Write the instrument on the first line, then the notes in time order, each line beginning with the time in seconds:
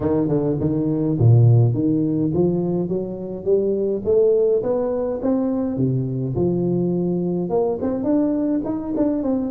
tuba
0.00 D#3
0.28 D3
0.60 D#3
1.19 A#2
1.74 D#3
2.33 F3
2.88 F#3
3.44 G3
4.04 A3
4.62 B3
5.22 C4
5.77 C3
6.35 F3
7.49 A#3
7.81 C4
8.03 D4
8.64 D#4
8.96 D4
9.22 C4